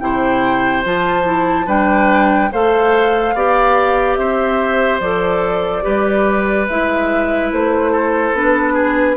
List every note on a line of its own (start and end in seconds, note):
0.00 0.84 C3
0.00 0.84 E4
0.00 1.66 C5
0.00 0.83 G5
0.84 1.67 F3
0.84 1.24 F4
0.84 1.69 A5
1.24 1.66 E4
1.66 2.50 G3
1.66 2.50 D4
1.66 2.49 B4
1.66 2.52 G5
2.52 3.34 A3
2.52 3.35 A4
2.52 3.35 C5
2.52 4.16 F5
3.34 4.17 B3
3.34 5.02 G4
3.34 4.19 D5
4.16 5.00 C4
4.16 5.84 C5
4.16 4.99 E5
5.00 5.84 F3
5.00 5.82 A4
5.00 6.67 D5
5.82 6.69 G3
5.82 6.66 G4
5.82 7.92 B4
6.68 7.52 G#3
6.68 8.35 E4
6.68 7.52 E5
7.52 8.33 A3
7.52 8.36 C5
7.92 8.74 A4
8.33 9.16 B3
8.33 9.16 D4
8.33 9.16 B4
8.74 9.15 G#4